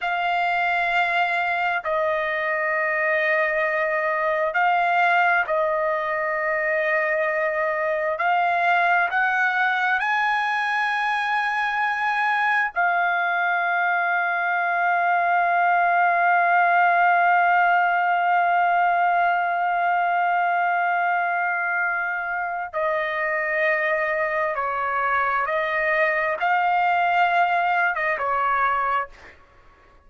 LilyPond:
\new Staff \with { instrumentName = "trumpet" } { \time 4/4 \tempo 4 = 66 f''2 dis''2~ | dis''4 f''4 dis''2~ | dis''4 f''4 fis''4 gis''4~ | gis''2 f''2~ |
f''1~ | f''1~ | f''4 dis''2 cis''4 | dis''4 f''4.~ f''16 dis''16 cis''4 | }